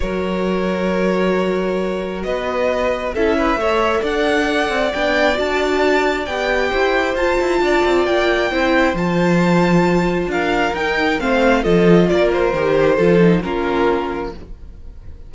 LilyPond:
<<
  \new Staff \with { instrumentName = "violin" } { \time 4/4 \tempo 4 = 134 cis''1~ | cis''4 dis''2 e''4~ | e''4 fis''2 g''4 | a''2 g''2 |
a''2 g''2 | a''2. f''4 | g''4 f''4 dis''4 d''8 c''8~ | c''2 ais'2 | }
  \new Staff \with { instrumentName = "violin" } { \time 4/4 ais'1~ | ais'4 b'2 a'8 b'8 | cis''4 d''2.~ | d''2. c''4~ |
c''4 d''2 c''4~ | c''2. ais'4~ | ais'4 c''4 a'4 ais'4~ | ais'4 a'4 f'2 | }
  \new Staff \with { instrumentName = "viola" } { \time 4/4 fis'1~ | fis'2. e'4 | a'2. d'4 | fis'2 g'2 |
f'2. e'4 | f'1 | dis'4 c'4 f'2 | g'4 f'8 dis'8 cis'2 | }
  \new Staff \with { instrumentName = "cello" } { \time 4/4 fis1~ | fis4 b2 cis'4 | a4 d'4. c'8 b4 | d'2 b4 e'4 |
f'8 e'8 d'8 c'8 ais4 c'4 | f2. d'4 | dis'4 a4 f4 ais4 | dis4 f4 ais2 | }
>>